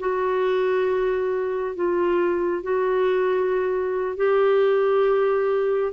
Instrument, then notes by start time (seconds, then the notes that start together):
clarinet
0.00 F#4
1.76 F4
2.64 F#4
4.17 G4